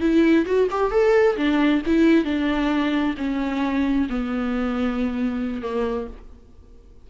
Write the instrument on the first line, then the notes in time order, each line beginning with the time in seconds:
viola
0.00 E4
0.46 F#4
0.71 G4
0.91 A4
1.37 D4
1.86 E4
2.24 D4
3.17 C#4
4.09 B3
5.62 A#3